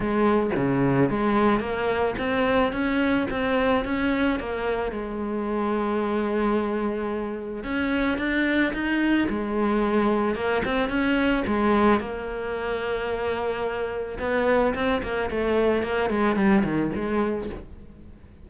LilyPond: \new Staff \with { instrumentName = "cello" } { \time 4/4 \tempo 4 = 110 gis4 cis4 gis4 ais4 | c'4 cis'4 c'4 cis'4 | ais4 gis2.~ | gis2 cis'4 d'4 |
dis'4 gis2 ais8 c'8 | cis'4 gis4 ais2~ | ais2 b4 c'8 ais8 | a4 ais8 gis8 g8 dis8 gis4 | }